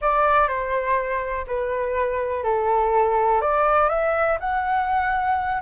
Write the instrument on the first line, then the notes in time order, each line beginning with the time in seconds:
flute
0.01 D5
0.48 C5
1.47 B4
2.43 A4
3.41 D5
3.89 E5
4.39 F#5